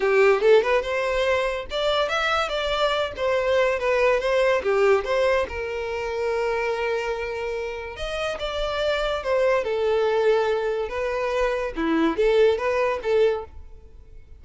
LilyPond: \new Staff \with { instrumentName = "violin" } { \time 4/4 \tempo 4 = 143 g'4 a'8 b'8 c''2 | d''4 e''4 d''4. c''8~ | c''4 b'4 c''4 g'4 | c''4 ais'2.~ |
ais'2. dis''4 | d''2 c''4 a'4~ | a'2 b'2 | e'4 a'4 b'4 a'4 | }